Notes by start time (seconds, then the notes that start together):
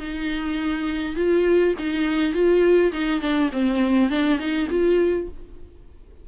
0.00 D#4
1.16 F4
1.79 D#4
2.34 F4
2.93 D#4
3.21 D4
3.52 C4
4.10 D4
4.39 D#4
4.70 F4